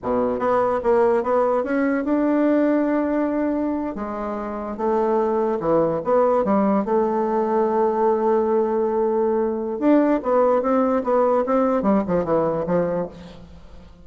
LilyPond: \new Staff \with { instrumentName = "bassoon" } { \time 4/4 \tempo 4 = 147 b,4 b4 ais4 b4 | cis'4 d'2.~ | d'4.~ d'16 gis2 a16~ | a4.~ a16 e4 b4 g16~ |
g8. a2.~ a16~ | a1 | d'4 b4 c'4 b4 | c'4 g8 f8 e4 f4 | }